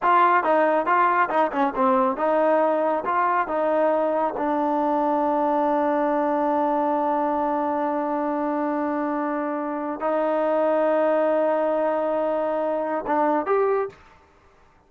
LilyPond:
\new Staff \with { instrumentName = "trombone" } { \time 4/4 \tempo 4 = 138 f'4 dis'4 f'4 dis'8 cis'8 | c'4 dis'2 f'4 | dis'2 d'2~ | d'1~ |
d'1~ | d'2. dis'4~ | dis'1~ | dis'2 d'4 g'4 | }